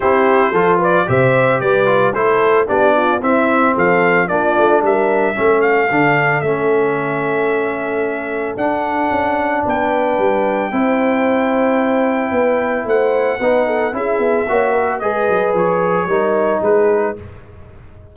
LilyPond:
<<
  \new Staff \with { instrumentName = "trumpet" } { \time 4/4 \tempo 4 = 112 c''4. d''8 e''4 d''4 | c''4 d''4 e''4 f''4 | d''4 e''4. f''4. | e''1 |
fis''2 g''2~ | g''1 | fis''2 e''2 | dis''4 cis''2 b'4 | }
  \new Staff \with { instrumentName = "horn" } { \time 4/4 g'4 a'8 b'8 c''4 b'4 | a'4 g'8 f'8 e'4 a'4 | f'4 ais'4 a'2~ | a'1~ |
a'2 b'2 | c''2. b'4 | c''4 b'8 a'8 gis'4 cis''8 ais'8 | b'2 ais'4 gis'4 | }
  \new Staff \with { instrumentName = "trombone" } { \time 4/4 e'4 f'4 g'4. f'8 | e'4 d'4 c'2 | d'2 cis'4 d'4 | cis'1 |
d'1 | e'1~ | e'4 dis'4 e'4 fis'4 | gis'2 dis'2 | }
  \new Staff \with { instrumentName = "tuba" } { \time 4/4 c'4 f4 c4 g4 | a4 b4 c'4 f4 | ais8 a8 g4 a4 d4 | a1 |
d'4 cis'4 b4 g4 | c'2. b4 | a4 b4 cis'8 b8 ais4 | gis8 fis8 f4 g4 gis4 | }
>>